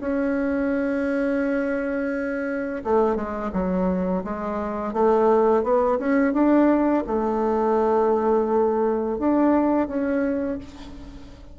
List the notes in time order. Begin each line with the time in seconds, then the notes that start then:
0.00 C#4
2.84 A3
3.15 G#3
3.52 F#3
4.24 G#3
4.93 A3
5.63 B3
5.98 C#4
6.33 D4
7.06 A3
9.18 D4
9.87 C#4